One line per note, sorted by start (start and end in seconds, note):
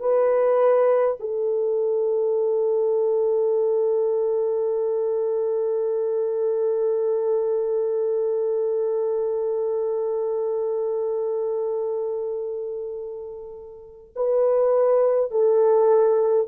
0.00 1.18 B4
1.20 14.14 A4
14.16 15.31 B4
15.31 16.48 A4